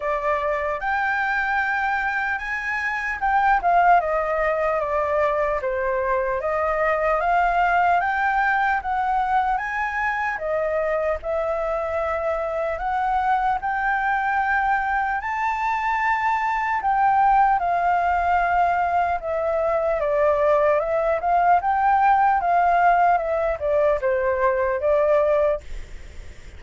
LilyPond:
\new Staff \with { instrumentName = "flute" } { \time 4/4 \tempo 4 = 75 d''4 g''2 gis''4 | g''8 f''8 dis''4 d''4 c''4 | dis''4 f''4 g''4 fis''4 | gis''4 dis''4 e''2 |
fis''4 g''2 a''4~ | a''4 g''4 f''2 | e''4 d''4 e''8 f''8 g''4 | f''4 e''8 d''8 c''4 d''4 | }